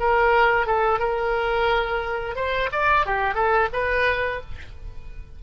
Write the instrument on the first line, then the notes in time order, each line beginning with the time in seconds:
oboe
0.00 A#4
0.67 A4
1.00 A#4
2.36 C5
2.72 D5
3.07 G4
3.35 A4
3.73 B4